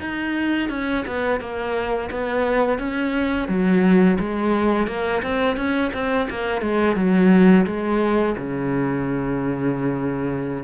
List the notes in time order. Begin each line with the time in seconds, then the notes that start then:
0.00 D#4
0.70 C#4
1.07 B3
1.40 A#3
2.11 B3
2.79 C#4
3.49 F#3
4.20 G#3
4.87 A#3
5.23 C4
5.57 C#4
5.94 C4
6.30 A#3
6.62 G#3
6.96 F#3
7.66 G#3
8.38 C#3